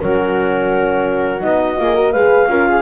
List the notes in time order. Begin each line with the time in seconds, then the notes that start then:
0.00 F#3 C#4 F#4 A#4
1.40 B3 D#4 D#5
1.76 A#3 F4 G#4
1.95 F#4 A#4
2.12 G#3 G#4 B4 F5
2.47 C#4 F4 A#4
2.68 G#4